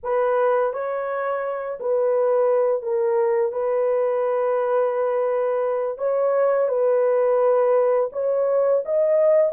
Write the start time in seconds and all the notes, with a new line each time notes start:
0.03 B4
0.73 C#5
1.79 B4
2.82 A#4
3.52 B4
5.98 C#5
6.68 B4
8.12 C#5
8.85 D#5